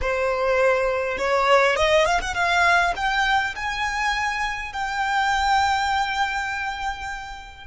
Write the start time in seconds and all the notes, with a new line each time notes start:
0.01 C5
1.18 C#5
1.76 D#5
2.05 F5
2.21 F#5
2.34 F5
2.95 G5
3.55 G#5
4.72 G5